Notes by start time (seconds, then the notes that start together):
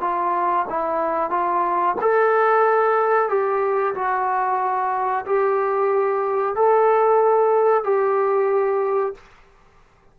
0.00 F4
0.69 E4
1.30 F4
2.00 A4
3.28 G4
3.94 F#4
5.26 G4
6.55 A4
7.83 G4